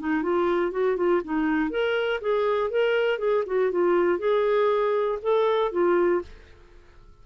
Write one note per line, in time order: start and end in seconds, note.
0.00 0.23 D#4
0.23 0.72 F4
0.72 0.97 F#4
0.97 1.22 F4
1.24 1.70 D#4
1.70 2.20 A#4
2.21 2.70 G#4
2.70 3.19 A#4
3.19 3.44 G#4
3.47 3.72 F#4
3.72 4.19 F4
4.19 5.19 G#4
5.22 5.72 A4
5.72 6.22 F4